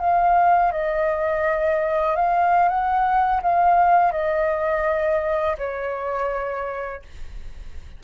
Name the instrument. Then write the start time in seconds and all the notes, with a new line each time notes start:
flute
0.00 F5
0.72 D#5
2.16 F5
2.69 F#5
3.42 F5
4.12 D#5
5.58 C#5